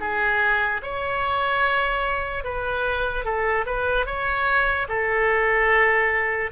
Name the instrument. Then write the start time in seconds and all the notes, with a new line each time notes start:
oboe
0.00 G#4
0.82 C#5
2.44 B4
3.24 A4
3.66 B4
4.06 C#5
4.88 A4